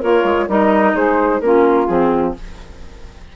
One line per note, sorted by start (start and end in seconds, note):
0.00 0.24 A#3
0.00 0.48 F4
0.00 0.47 A#4
0.00 0.50 C#5
0.24 0.47 G#3
0.48 0.95 G3
0.48 1.42 D#4
0.48 0.94 A#4
0.48 0.96 D#5
0.95 1.41 G#3
0.95 1.41 G#4
0.95 1.41 C5
1.41 1.88 A#3
1.41 1.88 C#4
1.41 2.36 F4
1.41 1.87 A#4
1.87 2.35 F3
1.87 2.35 C4
1.87 2.34 G#4